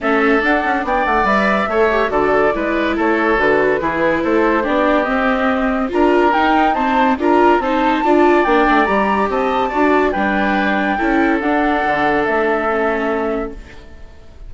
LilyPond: <<
  \new Staff \with { instrumentName = "flute" } { \time 4/4 \tempo 4 = 142 e''4 fis''4 g''8 fis''8 e''4~ | e''4 d''2 cis''4 | b'2 c''4 d''4 | dis''2 ais''4 g''4 |
a''4 ais''4 a''2 | g''4 ais''4 a''2 | g''2. fis''4~ | fis''4 e''2. | }
  \new Staff \with { instrumentName = "oboe" } { \time 4/4 a'2 d''2 | cis''4 a'4 b'4 a'4~ | a'4 gis'4 a'4 g'4~ | g'2 ais'2 |
c''4 ais'4 c''4 d''4~ | d''2 dis''4 d''4 | b'2 a'2~ | a'1 | }
  \new Staff \with { instrumentName = "viola" } { \time 4/4 cis'4 d'2 b'4 | a'8 g'8 fis'4 e'2 | fis'4 e'2 d'4 | c'2 f'4 dis'4 |
c'4 f'4 dis'4 f'4 | d'4 g'2 fis'4 | d'2 e'4 d'4~ | d'2 cis'2 | }
  \new Staff \with { instrumentName = "bassoon" } { \time 4/4 a4 d'8 cis'8 b8 a8 g4 | a4 d4 gis4 a4 | d4 e4 a4 b4 | c'2 d'4 dis'4~ |
dis'4 d'4 c'4 d'4 | ais8 a8 g4 c'4 d'4 | g2 cis'4 d'4 | d4 a2. | }
>>